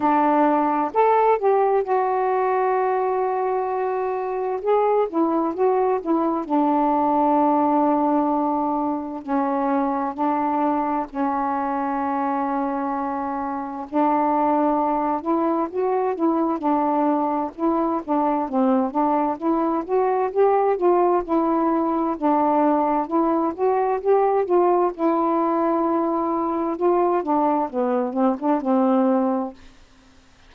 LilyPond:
\new Staff \with { instrumentName = "saxophone" } { \time 4/4 \tempo 4 = 65 d'4 a'8 g'8 fis'2~ | fis'4 gis'8 e'8 fis'8 e'8 d'4~ | d'2 cis'4 d'4 | cis'2. d'4~ |
d'8 e'8 fis'8 e'8 d'4 e'8 d'8 | c'8 d'8 e'8 fis'8 g'8 f'8 e'4 | d'4 e'8 fis'8 g'8 f'8 e'4~ | e'4 f'8 d'8 b8 c'16 d'16 c'4 | }